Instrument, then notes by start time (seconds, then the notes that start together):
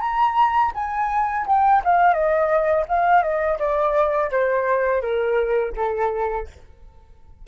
flute
0.00 A#5
0.74 G#5
1.46 G5
1.84 F5
2.13 D#5
2.88 F5
3.22 D#5
3.59 D5
4.31 C5
5.01 A#4
5.76 A4